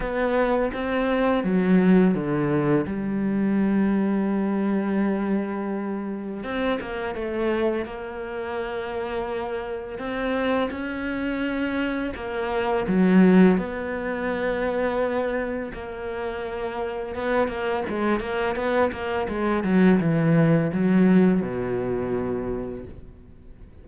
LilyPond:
\new Staff \with { instrumentName = "cello" } { \time 4/4 \tempo 4 = 84 b4 c'4 fis4 d4 | g1~ | g4 c'8 ais8 a4 ais4~ | ais2 c'4 cis'4~ |
cis'4 ais4 fis4 b4~ | b2 ais2 | b8 ais8 gis8 ais8 b8 ais8 gis8 fis8 | e4 fis4 b,2 | }